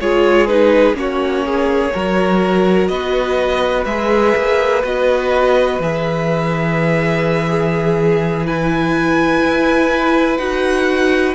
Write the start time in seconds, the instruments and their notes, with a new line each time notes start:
0.00 cello G#3, viola F4, violin G#4 C#5
0.47 viola D#4, violin B4
0.94 cello A#3, viola C#4, violin F#4 C#5
1.46 violin G#4
1.94 cello F#3, viola F#4, violin A#4
2.88 cello B3, violin B4 D#5
3.85 cello G#3, viola G#4, violin E5
4.36 cello A#3
4.84 cello B3, viola F#4, violin D#5
5.79 cello E3, viola G#4, violin E5
7.51 violin G#4
8.46 viola E4, violin B4 G#5
9.43 cello E4
10.37 cello D#4, viola F#4, violin F#5